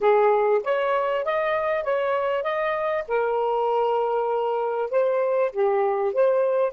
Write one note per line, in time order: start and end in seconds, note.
0.01 0.62 G#4
0.63 1.24 C#5
1.24 1.83 D#5
1.83 2.43 C#5
2.43 3.04 D#5
3.08 4.90 A#4
4.90 5.51 C5
5.52 6.13 G4
6.13 6.72 C5